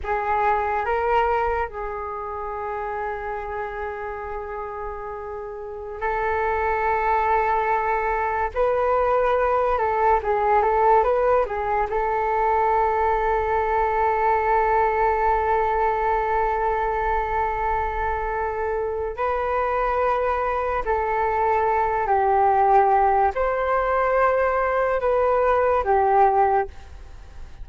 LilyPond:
\new Staff \with { instrumentName = "flute" } { \time 4/4 \tempo 4 = 72 gis'4 ais'4 gis'2~ | gis'2.~ gis'16 a'8.~ | a'2~ a'16 b'4. a'16~ | a'16 gis'8 a'8 b'8 gis'8 a'4.~ a'16~ |
a'1~ | a'2. b'4~ | b'4 a'4. g'4. | c''2 b'4 g'4 | }